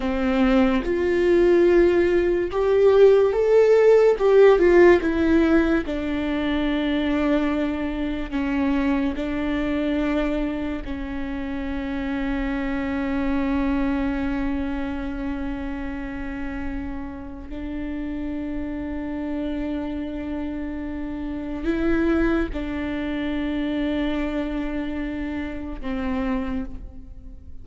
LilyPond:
\new Staff \with { instrumentName = "viola" } { \time 4/4 \tempo 4 = 72 c'4 f'2 g'4 | a'4 g'8 f'8 e'4 d'4~ | d'2 cis'4 d'4~ | d'4 cis'2.~ |
cis'1~ | cis'4 d'2.~ | d'2 e'4 d'4~ | d'2. c'4 | }